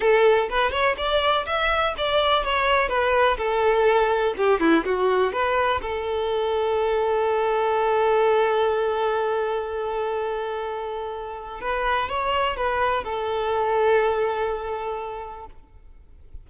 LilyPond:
\new Staff \with { instrumentName = "violin" } { \time 4/4 \tempo 4 = 124 a'4 b'8 cis''8 d''4 e''4 | d''4 cis''4 b'4 a'4~ | a'4 g'8 e'8 fis'4 b'4 | a'1~ |
a'1~ | a'1 | b'4 cis''4 b'4 a'4~ | a'1 | }